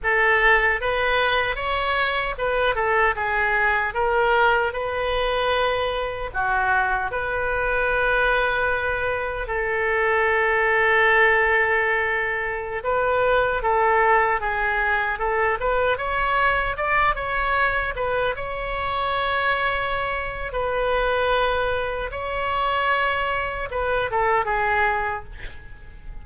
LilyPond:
\new Staff \with { instrumentName = "oboe" } { \time 4/4 \tempo 4 = 76 a'4 b'4 cis''4 b'8 a'8 | gis'4 ais'4 b'2 | fis'4 b'2. | a'1~ |
a'16 b'4 a'4 gis'4 a'8 b'16~ | b'16 cis''4 d''8 cis''4 b'8 cis''8.~ | cis''2 b'2 | cis''2 b'8 a'8 gis'4 | }